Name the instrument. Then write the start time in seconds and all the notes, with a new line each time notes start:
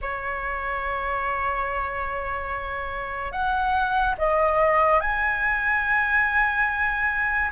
flute
0.01 C#5
3.31 F#5
4.17 D#5
5.00 G#5